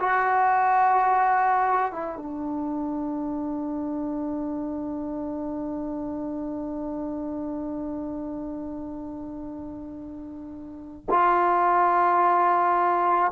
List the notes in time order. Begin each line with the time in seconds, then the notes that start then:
0.00 F#4
1.93 E4
2.18 D4
11.10 F4